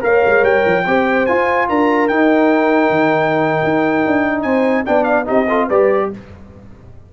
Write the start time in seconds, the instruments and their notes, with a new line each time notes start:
0.00 tuba A#3, trombone A#4, horn C#5, trumpet F5
0.25 tuba G#3
0.42 tuba G3, trumpet G5
0.66 tuba F3
0.86 tuba C4, trombone G4, horn C5
1.26 trombone F4, tuba F4, trumpet G#5
1.68 tuba D4, horn A#4, trumpet A#5
2.08 tuba D#4, trombone D#4, trumpet G5
2.89 tuba D#3
3.63 tuba D#4
4.06 tuba D4
4.42 tuba C4, horn C5, trumpet G#5
4.85 tuba B3, trombone D4, horn D5, trumpet G5
5.03 trumpet F5
5.24 tuba C4, trombone D#4, horn G4, trumpet D#5
5.48 trombone F4, horn A4
5.67 tuba G3, trombone G4, horn B4, trumpet D5